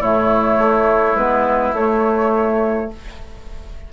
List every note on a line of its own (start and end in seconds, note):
0.00 0.58 A2
0.00 1.16 A3
0.00 2.88 E4
0.00 1.17 C#5
0.58 1.15 A3
1.15 1.73 G#3
1.15 1.75 B3
1.15 1.74 B4
1.73 2.89 A3
1.73 2.93 A3
1.73 2.91 C#5